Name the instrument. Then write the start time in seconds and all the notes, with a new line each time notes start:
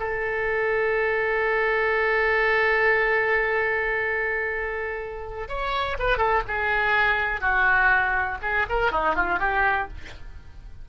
oboe
0.00 A4
5.49 C#5
5.99 B4
6.18 A4
6.48 G#4
7.41 F#4
8.42 G#4
8.70 A#4
8.92 D#4
9.16 F4
9.39 G4